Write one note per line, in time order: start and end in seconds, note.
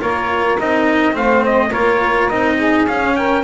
0.00 0.59 A#3
0.00 0.57 F4
0.00 1.14 A#4
0.00 0.59 C#5
0.59 1.15 C4
0.59 1.12 D#4
0.59 1.16 D#5
1.12 1.72 A3
1.12 1.70 C4
1.12 1.69 C5
1.12 1.45 F5
1.45 1.72 D#5
1.69 2.30 A#3
1.69 2.30 F4
1.69 2.55 A#4
1.69 2.29 C#5
2.29 2.86 C4
2.29 2.88 D#4
2.29 2.86 D#5
2.56 3.14 G#4
2.86 3.43 C#4
2.86 3.44 C#4
2.86 3.16 F5
3.16 3.44 A#4
3.16 3.44 G5